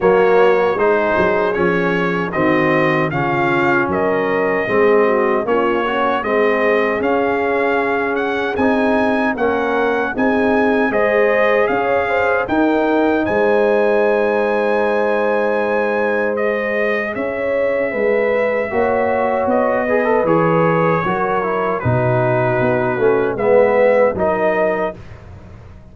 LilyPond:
<<
  \new Staff \with { instrumentName = "trumpet" } { \time 4/4 \tempo 4 = 77 cis''4 c''4 cis''4 dis''4 | f''4 dis''2 cis''4 | dis''4 f''4. fis''8 gis''4 | fis''4 gis''4 dis''4 f''4 |
g''4 gis''2.~ | gis''4 dis''4 e''2~ | e''4 dis''4 cis''2 | b'2 e''4 dis''4 | }
  \new Staff \with { instrumentName = "horn" } { \time 4/4 fis'4 gis'2 fis'4 | f'4 ais'4 gis'8 fis'8 f'8 cis'8 | gis'1 | ais'4 gis'4 c''4 cis''8 c''8 |
ais'4 c''2.~ | c''2 cis''4 b'4 | cis''4. b'4. ais'4 | fis'2 b'4 ais'4 | }
  \new Staff \with { instrumentName = "trombone" } { \time 4/4 ais4 dis'4 cis'4 c'4 | cis'2 c'4 cis'8 fis'8 | c'4 cis'2 dis'4 | cis'4 dis'4 gis'2 |
dis'1~ | dis'4 gis'2. | fis'4. gis'16 a'16 gis'4 fis'8 e'8 | dis'4. cis'8 b4 dis'4 | }
  \new Staff \with { instrumentName = "tuba" } { \time 4/4 fis4 gis8 fis8 f4 dis4 | cis4 fis4 gis4 ais4 | gis4 cis'2 c'4 | ais4 c'4 gis4 cis'4 |
dis'4 gis2.~ | gis2 cis'4 gis4 | ais4 b4 e4 fis4 | b,4 b8 a8 gis4 fis4 | }
>>